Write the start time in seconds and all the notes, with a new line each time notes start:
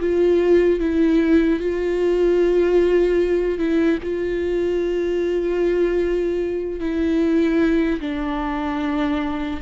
0.00 F4
0.79 E4
1.60 F4
3.58 E4
4.03 F4
6.80 E4
8.00 D4